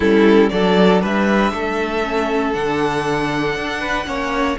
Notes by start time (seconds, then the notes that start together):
0.00 G3 C#4 E4 A4
0.49 F#3 D4 A4 D5
1.01 G3 B4 E5
1.52 A3 A4
2.03 C#4
2.53 D3 D4 F#5
3.55 D4
3.80 B4
4.05 A#3 C#4 C#5